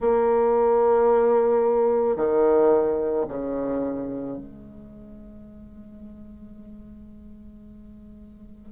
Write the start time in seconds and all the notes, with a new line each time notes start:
0.00 A#3
2.16 D#3
3.28 C#3
4.37 G#3